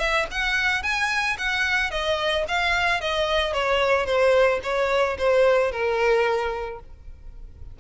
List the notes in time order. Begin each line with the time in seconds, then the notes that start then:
0.00 E5
0.32 F#5
0.83 G#5
1.39 F#5
1.91 D#5
2.49 F5
3.01 D#5
3.54 C#5
4.06 C5
4.64 C#5
5.19 C5
5.72 A#4